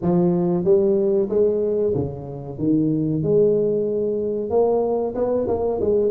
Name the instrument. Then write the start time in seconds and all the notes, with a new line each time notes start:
tuba
0.02 F3
0.64 G3
1.29 G#3
1.94 C#3
2.58 D#3
3.22 G#3
4.50 A#3
5.14 B3
5.47 A#3
5.81 G#3